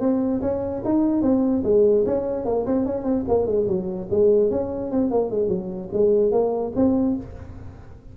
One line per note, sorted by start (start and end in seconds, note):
0.00 0.41 C4
0.41 0.82 C#4
0.84 1.22 D#4
1.22 1.63 C4
1.64 2.04 G#3
2.06 2.45 C#4
2.45 2.66 A#3
2.66 2.86 C4
2.86 3.04 C#4
3.04 3.24 C4
3.28 3.46 A#3
3.46 3.67 G#3
3.67 4.08 F#3
4.10 4.50 G#3
4.50 4.91 C#4
4.91 5.11 C4
5.11 5.31 A#3
5.31 5.49 G#3
5.49 5.89 F#3
5.93 6.32 G#3
6.32 6.73 A#3
6.76 7.17 C4